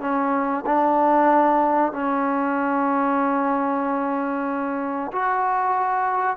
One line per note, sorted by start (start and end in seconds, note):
0.00 0.64 C#4
0.66 1.92 D4
1.92 5.11 C#4
5.12 6.37 F#4